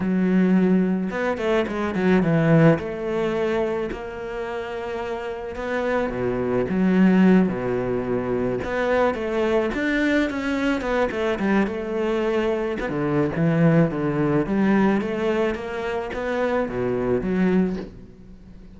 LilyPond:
\new Staff \with { instrumentName = "cello" } { \time 4/4 \tempo 4 = 108 fis2 b8 a8 gis8 fis8 | e4 a2 ais4~ | ais2 b4 b,4 | fis4. b,2 b8~ |
b8 a4 d'4 cis'4 b8 | a8 g8 a2 b16 d8. | e4 d4 g4 a4 | ais4 b4 b,4 fis4 | }